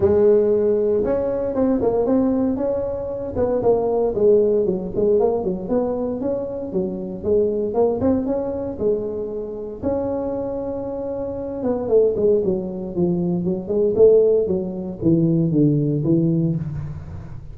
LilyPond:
\new Staff \with { instrumentName = "tuba" } { \time 4/4 \tempo 4 = 116 gis2 cis'4 c'8 ais8 | c'4 cis'4. b8 ais4 | gis4 fis8 gis8 ais8 fis8 b4 | cis'4 fis4 gis4 ais8 c'8 |
cis'4 gis2 cis'4~ | cis'2~ cis'8 b8 a8 gis8 | fis4 f4 fis8 gis8 a4 | fis4 e4 d4 e4 | }